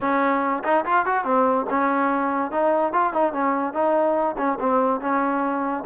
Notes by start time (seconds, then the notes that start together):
0.00 C#4
0.64 D#4
0.85 F4
1.05 F#4
1.24 C4
1.70 C#4
2.51 D#4
2.92 F4
3.13 D#4
3.32 C#4
3.73 D#4
4.37 C#4
4.60 C4
5.00 C#4